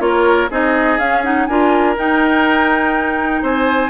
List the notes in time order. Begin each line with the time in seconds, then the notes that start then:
0.00 A#3 F4 C#5
0.07 A#4
0.51 C4 D#4 G#4 D#5
0.99 C#4 F5
1.24 D#4 F#5
1.46 D4 F4 A#4 G#5
1.97 D#4 G5
3.43 C4 C5 G#5